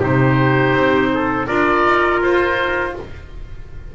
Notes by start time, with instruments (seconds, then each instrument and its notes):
0.00 double bass C3, clarinet D#4, trumpet G4, oboe C5
0.73 double bass C4
1.14 trumpet A4
1.47 double bass D4, clarinet F4, trumpet A#4, oboe D5
1.85 double bass D#4
2.22 double bass F4, oboe C5